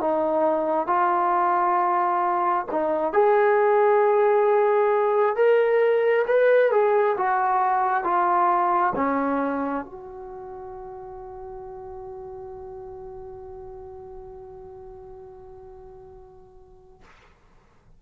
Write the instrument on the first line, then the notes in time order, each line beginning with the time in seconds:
trombone
0.00 D#4
0.87 F4
2.72 D#4
3.13 G#4
5.36 A#4
6.27 B4
6.72 G#4
7.18 F#4
8.04 F4
8.95 C#4
9.85 F#4